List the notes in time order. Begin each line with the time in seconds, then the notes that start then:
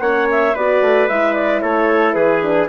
0.00 A#3 C#4 C#5 F#5
0.31 E5
0.54 B3 F#4 B4 D5
0.81 A3
1.08 G#3 E4 E5
1.34 D5
1.61 A3 A4 C#5
2.13 E3 G#4 B4
2.42 D4